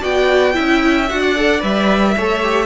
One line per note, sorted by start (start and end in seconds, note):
0.00 0.56 B3
0.00 0.53 F#4
0.00 0.53 D5
0.00 1.08 G5
0.53 1.11 C#4
0.53 1.06 E4
0.53 1.21 E5
1.08 1.62 D4
1.08 1.35 F#4
1.08 1.62 F#5
1.21 2.14 D5
1.35 1.60 A4
1.60 2.15 G3
1.60 2.13 B4
1.60 2.65 E5
2.16 2.65 A3
2.16 2.42 A4
2.16 2.65 C#5
2.42 2.65 G4